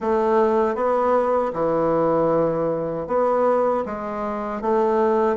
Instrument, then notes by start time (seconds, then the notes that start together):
bassoon
0.00 A3
0.75 B3
1.53 E3
3.07 B3
3.85 G#3
4.61 A3